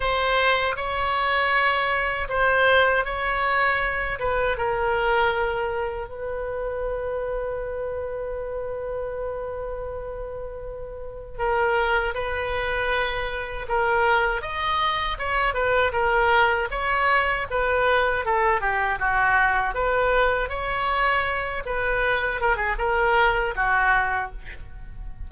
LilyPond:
\new Staff \with { instrumentName = "oboe" } { \time 4/4 \tempo 4 = 79 c''4 cis''2 c''4 | cis''4. b'8 ais'2 | b'1~ | b'2. ais'4 |
b'2 ais'4 dis''4 | cis''8 b'8 ais'4 cis''4 b'4 | a'8 g'8 fis'4 b'4 cis''4~ | cis''8 b'4 ais'16 gis'16 ais'4 fis'4 | }